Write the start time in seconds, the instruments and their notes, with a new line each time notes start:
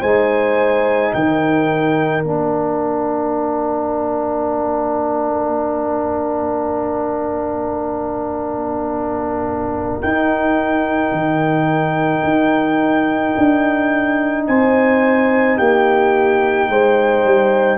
0.00 tuba G#3, trombone D#4, horn C5, trumpet G#5
1.14 tuba D#3, horn A#4, trumpet G5
2.22 tuba A#3, trombone D4, trumpet F5
10.02 trombone D#4, tuba D#4, trumpet G5
11.12 tuba D#3
12.23 tuba D#4
13.37 tuba D4
14.47 tuba C4, horn C5, trumpet G#5
15.57 tuba A#3, horn G4, trumpet G5
16.69 tuba G#3, horn C5
17.24 tuba G3